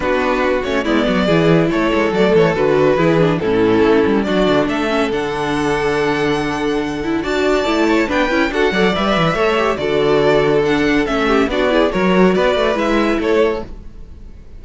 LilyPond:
<<
  \new Staff \with { instrumentName = "violin" } { \time 4/4 \tempo 4 = 141 b'4. cis''8 d''2 | cis''4 d''8 cis''8 b'2 | a'2 d''4 e''4 | fis''1~ |
fis''4 a''2 g''4 | fis''4 e''2 d''4~ | d''4 fis''4 e''4 d''4 | cis''4 d''4 e''4 cis''4 | }
  \new Staff \with { instrumentName = "violin" } { \time 4/4 fis'2 e'8 fis'8 gis'4 | a'2. gis'4 | e'2 fis'4 a'4~ | a'1~ |
a'4 d''4. cis''8 b'4 | a'8 d''4. cis''4 a'4~ | a'2~ a'8 g'8 fis'8 gis'8 | ais'4 b'2 a'4 | }
  \new Staff \with { instrumentName = "viola" } { \time 4/4 d'4. cis'8 b4 e'4~ | e'4 a4 fis'4 e'8 d'8 | cis'2 d'4. cis'8 | d'1~ |
d'8 e'8 fis'4 e'4 d'8 e'8 | fis'8 a'8 b'4 a'8 g'8 fis'4~ | fis'4 d'4 cis'4 d'8 e'8 | fis'2 e'2 | }
  \new Staff \with { instrumentName = "cello" } { \time 4/4 b4. a8 gis8 fis8 e4 | a8 gis8 fis8 e8 d4 e4 | a,4 a8 g8 fis8 d8 a4 | d1~ |
d4 d'4 a4 b8 cis'8 | d'8 fis8 g8 e8 a4 d4~ | d2 a4 b4 | fis4 b8 a8 gis4 a4 | }
>>